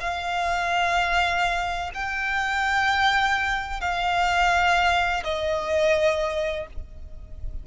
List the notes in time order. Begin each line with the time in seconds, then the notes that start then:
0.00 F5
1.94 G5
3.80 F5
5.23 D#5